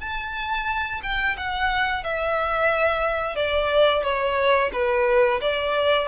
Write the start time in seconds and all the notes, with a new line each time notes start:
0.00 A5
1.03 G5
1.37 F#5
2.03 E5
3.36 D5
4.03 C#5
4.73 B4
5.41 D5